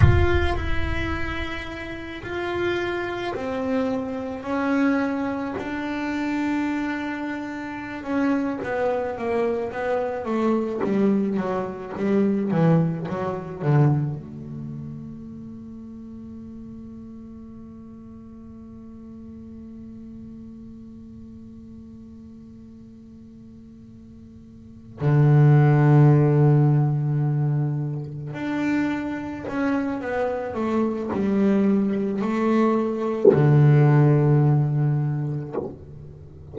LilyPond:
\new Staff \with { instrumentName = "double bass" } { \time 4/4 \tempo 4 = 54 f'8 e'4. f'4 c'4 | cis'4 d'2~ d'16 cis'8 b16~ | b16 ais8 b8 a8 g8 fis8 g8 e8 fis16~ | fis16 d8 a2.~ a16~ |
a1~ | a2~ a8 d4.~ | d4. d'4 cis'8 b8 a8 | g4 a4 d2 | }